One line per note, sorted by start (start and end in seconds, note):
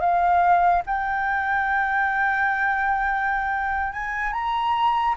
0.00 0.82 F5
0.86 3.93 G5
3.93 4.33 G#5
4.33 5.15 A#5